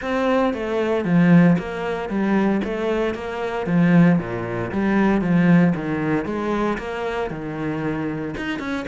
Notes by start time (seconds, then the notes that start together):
0.01 C4
0.53 A3
1.04 F3
1.58 A#3
2.09 G3
2.63 A3
3.14 A#3
3.66 F3
4.19 A#2
4.71 G3
5.21 F3
5.75 D#3
6.25 G#3
6.78 A#3
7.30 D#3
8.37 D#4
8.59 C#4